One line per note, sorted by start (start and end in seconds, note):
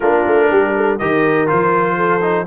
0.00 0.25 A#3
0.00 0.99 D4
0.00 0.48 F4
0.00 0.98 A#4
0.26 0.51 A3
0.49 1.00 G3
0.49 0.74 G4
0.76 0.99 A4
0.98 1.49 D#3
0.98 1.46 G4
0.98 1.96 A#4
0.98 1.47 D#5
1.46 2.46 F3
1.46 2.20 F4
1.46 2.46 C5
1.96 2.45 A4
2.21 2.45 D#4